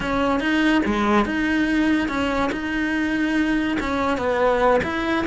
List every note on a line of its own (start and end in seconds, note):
0.00 0.40 C#4
0.40 0.82 D#4
0.85 1.25 G#3
1.25 2.08 D#4
2.08 2.50 C#4
2.52 3.77 D#4
3.80 4.17 C#4
4.17 4.80 B3
4.83 5.25 E4